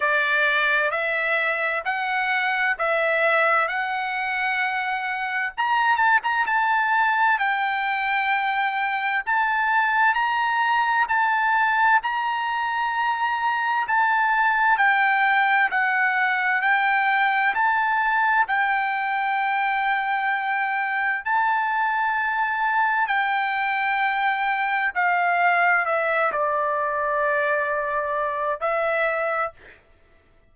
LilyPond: \new Staff \with { instrumentName = "trumpet" } { \time 4/4 \tempo 4 = 65 d''4 e''4 fis''4 e''4 | fis''2 ais''8 a''16 ais''16 a''4 | g''2 a''4 ais''4 | a''4 ais''2 a''4 |
g''4 fis''4 g''4 a''4 | g''2. a''4~ | a''4 g''2 f''4 | e''8 d''2~ d''8 e''4 | }